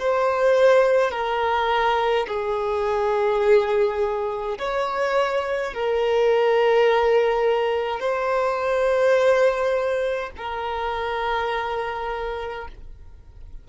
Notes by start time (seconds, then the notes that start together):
0.00 C5
1.12 A#4
2.28 G#4
4.59 C#5
5.74 A#4
8.00 C5
10.37 A#4